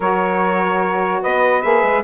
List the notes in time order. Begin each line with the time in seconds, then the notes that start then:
0.00 F#3 F#4 A#4 C#5
1.22 B3 B4 D#5
1.61 A#3 G#4 E5
1.82 G#3